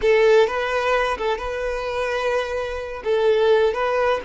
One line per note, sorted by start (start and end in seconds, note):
0.01 0.47 A4
0.47 1.17 B4
1.17 1.38 A4
1.38 3.02 B4
3.03 3.73 A4
3.73 4.20 B4